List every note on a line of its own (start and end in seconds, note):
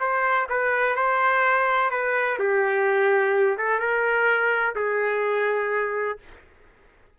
0.00 0.48 C5
0.49 0.96 B4
0.96 1.91 C5
1.91 2.38 B4
2.39 3.58 G4
3.58 3.79 A4
3.79 4.75 A#4
4.76 6.18 G#4